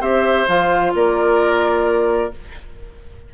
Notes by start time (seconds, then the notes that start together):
0.00 C4 G4 C5 E5
0.48 F3 F4 F5
0.94 A#3 A#4 D5